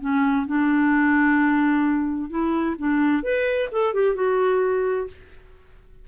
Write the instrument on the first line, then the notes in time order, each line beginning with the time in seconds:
clarinet
0.00 C#4
0.46 D4
2.29 E4
2.78 D4
3.23 B4
3.72 A4
3.94 G4
4.15 F#4